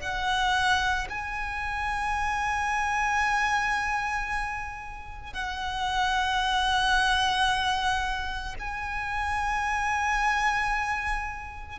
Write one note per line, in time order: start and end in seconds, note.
0.00 1.07 F#5
1.09 5.33 G#5
5.33 8.55 F#5
8.59 11.79 G#5